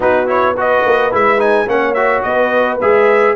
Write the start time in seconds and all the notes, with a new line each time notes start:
0.00 B3 D#4 F#4 B4
0.26 E4 C#5
0.57 F#4 B4 D#5
0.85 A#3
1.11 G#3 E4 E5
1.38 D#4 G#5
1.66 A#3 C#4 C#5 F#5
1.93 F#4 E5
2.22 B3 B4 D#5
2.80 G#3 G#4 E5